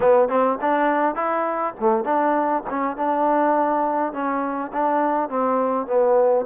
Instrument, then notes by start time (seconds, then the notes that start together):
trombone
0.00 B3
0.28 C4
0.61 D4
1.15 E4
1.80 A3
2.04 D4
2.70 C#4
2.97 D4
4.13 C#4
4.72 D4
5.29 C4
5.86 B3